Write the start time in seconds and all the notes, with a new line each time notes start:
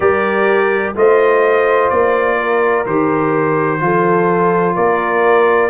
0.00 G3 G4 A#4 D5
0.95 A3 F4 C5 D#5
1.89 A#3 D5
2.37 A#4
2.86 D#3 G4 C5
3.80 F3 F4 A4
4.75 A#3 A#4 D5